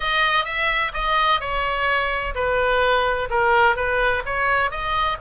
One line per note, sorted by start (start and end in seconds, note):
0.00 0.45 D#5
0.45 0.91 E5
0.93 1.40 D#5
1.40 2.34 C#5
2.35 3.28 B4
3.30 3.75 A#4
3.75 4.22 B4
4.25 4.70 C#5
4.70 5.17 D#5